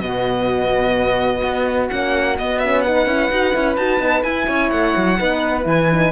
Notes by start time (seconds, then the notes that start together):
0.00 B2 B3 F#4 D#5
1.43 B3
1.89 A#3 C#4 F#5
2.37 B3 D#5
2.58 C#4 E5
2.81 D#4 B4 F#5
3.06 C#4 E4
3.31 D#4 F#4
3.53 C#4 E4
3.76 D#4 F#4 A5
3.99 B3 D#4
4.23 E4 G#5
4.47 C#4 C#5
4.70 A3 F#5
4.96 F#3
5.18 B3 D#4 B4
5.62 E3 E4 G#5
5.92 D#4